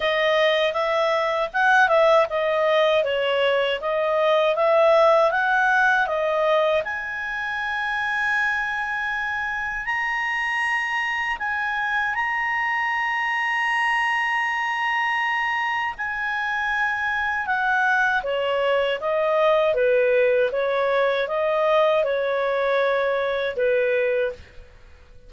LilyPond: \new Staff \with { instrumentName = "clarinet" } { \time 4/4 \tempo 4 = 79 dis''4 e''4 fis''8 e''8 dis''4 | cis''4 dis''4 e''4 fis''4 | dis''4 gis''2.~ | gis''4 ais''2 gis''4 |
ais''1~ | ais''4 gis''2 fis''4 | cis''4 dis''4 b'4 cis''4 | dis''4 cis''2 b'4 | }